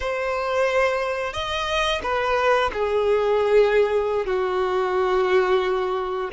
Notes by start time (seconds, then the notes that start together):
0.00 C5
1.33 D#5
2.02 B4
2.73 G#4
4.26 F#4